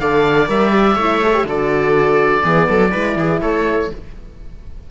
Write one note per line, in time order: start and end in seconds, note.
0.00 0.48 D3
0.00 0.48 A4
0.00 0.95 D5
0.00 0.49 F5
0.48 0.96 G3
0.48 0.70 A#4
0.48 1.47 E5
0.70 0.94 G4
0.95 1.44 A3
0.95 1.23 E4
0.95 1.44 C#5
1.23 1.34 A4
1.34 1.46 G4
1.44 2.42 D3
1.44 2.42 F#4
1.44 2.44 A4
1.44 3.41 D5
2.42 2.69 E3
2.42 2.91 B3
2.42 2.68 G#4
2.69 2.94 F#3
2.69 2.92 A4
2.92 3.16 G#3
2.92 3.90 E4
2.92 3.16 B4
3.16 3.40 E3
3.16 3.42 G#4
3.41 3.91 A3
3.41 3.91 A4
3.41 3.90 C#5